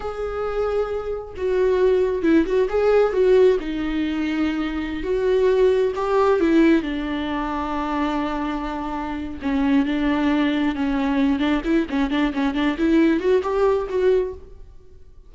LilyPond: \new Staff \with { instrumentName = "viola" } { \time 4/4 \tempo 4 = 134 gis'2. fis'4~ | fis'4 e'8 fis'8 gis'4 fis'4 | dis'2.~ dis'16 fis'8.~ | fis'4~ fis'16 g'4 e'4 d'8.~ |
d'1~ | d'4 cis'4 d'2 | cis'4. d'8 e'8 cis'8 d'8 cis'8 | d'8 e'4 fis'8 g'4 fis'4 | }